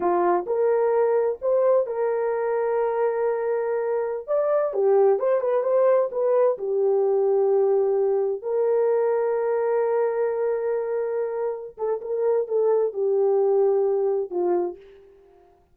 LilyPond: \new Staff \with { instrumentName = "horn" } { \time 4/4 \tempo 4 = 130 f'4 ais'2 c''4 | ais'1~ | ais'4~ ais'16 d''4 g'4 c''8 b'16~ | b'16 c''4 b'4 g'4.~ g'16~ |
g'2~ g'16 ais'4.~ ais'16~ | ais'1~ | ais'4. a'8 ais'4 a'4 | g'2. f'4 | }